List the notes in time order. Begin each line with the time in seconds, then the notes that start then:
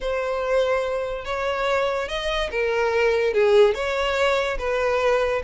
0.00 C5
1.25 C#5
2.08 D#5
2.50 A#4
3.33 G#4
3.74 C#5
4.58 B4